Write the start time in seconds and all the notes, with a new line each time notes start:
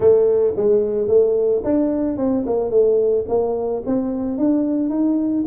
0.00 A3
0.56 G#3
1.07 A3
1.64 D4
2.17 C4
2.46 A#3
2.70 A3
3.28 A#3
3.86 C4
4.38 D4
4.89 D#4